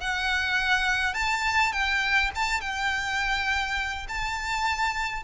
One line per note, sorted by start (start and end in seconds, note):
0.00 1.14 F#5
1.14 1.72 A5
1.72 2.30 G5
2.35 2.61 A5
2.61 4.06 G5
4.08 5.23 A5